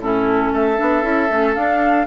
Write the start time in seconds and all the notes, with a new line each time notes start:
0.00 A2 C#4 E4 A4
0.52 A3 A4 E5
0.77 B3 D4
1.02 C#4 E4
1.28 A3 C#4
1.54 D4 F5